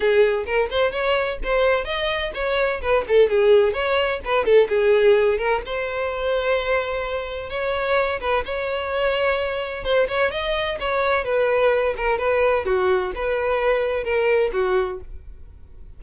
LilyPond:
\new Staff \with { instrumentName = "violin" } { \time 4/4 \tempo 4 = 128 gis'4 ais'8 c''8 cis''4 c''4 | dis''4 cis''4 b'8 a'8 gis'4 | cis''4 b'8 a'8 gis'4. ais'8 | c''1 |
cis''4. b'8 cis''2~ | cis''4 c''8 cis''8 dis''4 cis''4 | b'4. ais'8 b'4 fis'4 | b'2 ais'4 fis'4 | }